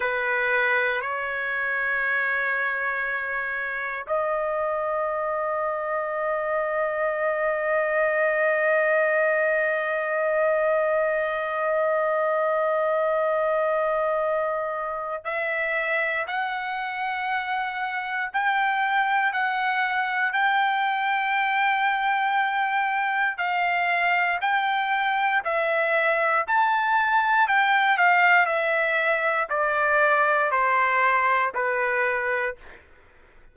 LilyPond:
\new Staff \with { instrumentName = "trumpet" } { \time 4/4 \tempo 4 = 59 b'4 cis''2. | dis''1~ | dis''1~ | dis''2. e''4 |
fis''2 g''4 fis''4 | g''2. f''4 | g''4 e''4 a''4 g''8 f''8 | e''4 d''4 c''4 b'4 | }